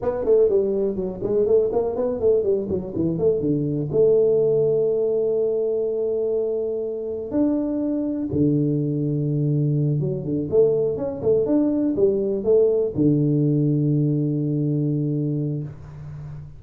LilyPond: \new Staff \with { instrumentName = "tuba" } { \time 4/4 \tempo 4 = 123 b8 a8 g4 fis8 gis8 a8 ais8 | b8 a8 g8 fis8 e8 a8 d4 | a1~ | a2. d'4~ |
d'4 d2.~ | d8 fis8 d8 a4 cis'8 a8 d'8~ | d'8 g4 a4 d4.~ | d1 | }